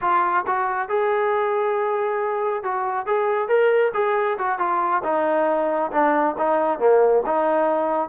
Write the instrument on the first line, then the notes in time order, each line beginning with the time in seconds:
trombone
0.01 F4
0.47 F#4
0.88 G#4
2.63 F#4
3.06 G#4
3.48 A#4
3.93 G#4
4.38 F#4
4.58 F4
5.03 D#4
5.91 D4
6.37 D#4
6.79 A#3
7.26 D#4